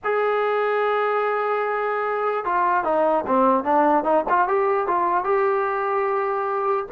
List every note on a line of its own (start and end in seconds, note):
0.04 2.45 G#4
2.45 2.83 F4
2.83 3.24 D#4
3.26 3.64 C4
3.64 4.04 D4
4.04 4.24 D#4
4.29 4.48 F4
4.48 4.87 G4
4.87 5.24 F4
5.24 6.86 G4